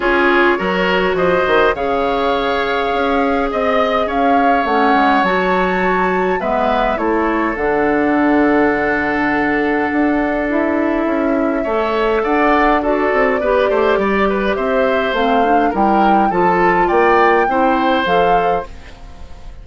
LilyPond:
<<
  \new Staff \with { instrumentName = "flute" } { \time 4/4 \tempo 4 = 103 cis''2 dis''4 f''4~ | f''2 dis''4 f''4 | fis''4 a''2 e''4 | cis''4 fis''2.~ |
fis''2 e''2~ | e''4 fis''4 d''2~ | d''4 e''4 f''4 g''4 | a''4 g''2 f''4 | }
  \new Staff \with { instrumentName = "oboe" } { \time 4/4 gis'4 ais'4 c''4 cis''4~ | cis''2 dis''4 cis''4~ | cis''2. b'4 | a'1~ |
a'1 | cis''4 d''4 a'4 b'8 c''8 | d''8 b'8 c''2 ais'4 | a'4 d''4 c''2 | }
  \new Staff \with { instrumentName = "clarinet" } { \time 4/4 f'4 fis'2 gis'4~ | gis'1 | cis'4 fis'2 b4 | e'4 d'2.~ |
d'2 e'2 | a'2 fis'4 g'4~ | g'2 c'8 d'8 e'4 | f'2 e'4 a'4 | }
  \new Staff \with { instrumentName = "bassoon" } { \time 4/4 cis'4 fis4 f8 dis8 cis4~ | cis4 cis'4 c'4 cis'4 | a8 gis8 fis2 gis4 | a4 d2.~ |
d4 d'2 cis'4 | a4 d'4. c'8 b8 a8 | g4 c'4 a4 g4 | f4 ais4 c'4 f4 | }
>>